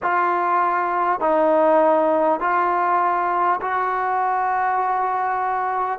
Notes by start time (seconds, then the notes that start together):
0.02 F4
1.19 D#4
2.39 F4
3.61 F#4